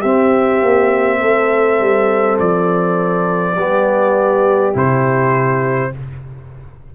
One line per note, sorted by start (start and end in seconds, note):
0.00 0.62 C4
0.00 3.57 C4
0.00 1.18 G4
0.00 2.37 E5
0.62 1.21 A#3
1.22 1.80 A3
1.22 3.56 A4
1.80 2.39 G3
2.39 3.57 F3
2.39 4.75 D5
3.56 4.74 G3
3.56 4.74 B3
3.56 5.91 G4
4.74 5.93 C3
4.74 5.92 E4
4.74 5.95 C5